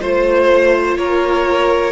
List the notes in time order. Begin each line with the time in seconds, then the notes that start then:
0.00 A3 F4 C5
0.97 A#3 A#4 C#5